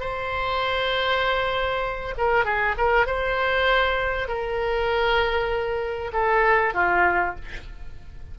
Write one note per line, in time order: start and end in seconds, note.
0.00 2.14 C5
2.18 2.45 A#4
2.45 2.75 G#4
2.78 3.06 A#4
3.06 4.28 C5
4.28 6.11 A#4
6.13 6.74 A4
6.74 7.35 F4